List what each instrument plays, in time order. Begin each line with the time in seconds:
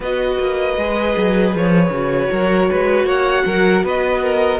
0.00 cello B3, viola F#4, violin B4 D#5
0.38 cello A#3
0.77 cello G#3, viola G#4
1.16 cello F#3
1.54 cello F3, violin C#5
1.89 cello C#3, viola F#4
2.31 cello F#3, violin A#4
2.70 cello G#3, violin B4
3.04 cello A#3, violin C#5 F#5
3.45 cello F#3, violin A#4
3.82 cello B3, violin B4 D#5
4.23 violin A#4